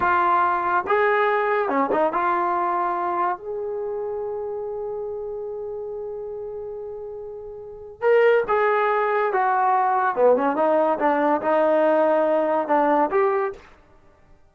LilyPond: \new Staff \with { instrumentName = "trombone" } { \time 4/4 \tempo 4 = 142 f'2 gis'2 | cis'8 dis'8 f'2. | gis'1~ | gis'1~ |
gis'2. ais'4 | gis'2 fis'2 | b8 cis'8 dis'4 d'4 dis'4~ | dis'2 d'4 g'4 | }